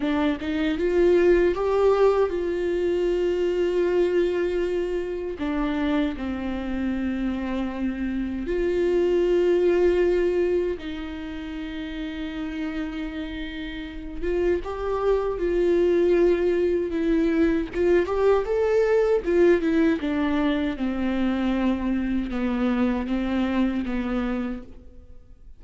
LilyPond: \new Staff \with { instrumentName = "viola" } { \time 4/4 \tempo 4 = 78 d'8 dis'8 f'4 g'4 f'4~ | f'2. d'4 | c'2. f'4~ | f'2 dis'2~ |
dis'2~ dis'8 f'8 g'4 | f'2 e'4 f'8 g'8 | a'4 f'8 e'8 d'4 c'4~ | c'4 b4 c'4 b4 | }